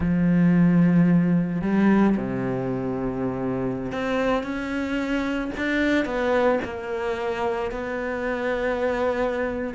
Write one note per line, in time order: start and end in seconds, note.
0.00 1.61 F3
1.61 2.15 G3
2.16 3.91 C3
3.91 4.43 C4
4.43 5.51 C#4
5.57 6.05 D4
6.05 6.59 B3
6.64 7.71 A#3
7.71 9.74 B3